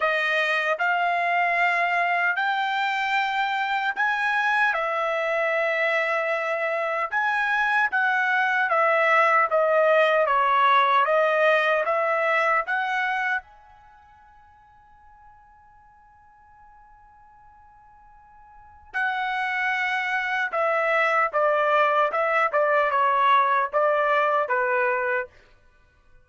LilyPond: \new Staff \with { instrumentName = "trumpet" } { \time 4/4 \tempo 4 = 76 dis''4 f''2 g''4~ | g''4 gis''4 e''2~ | e''4 gis''4 fis''4 e''4 | dis''4 cis''4 dis''4 e''4 |
fis''4 gis''2.~ | gis''1 | fis''2 e''4 d''4 | e''8 d''8 cis''4 d''4 b'4 | }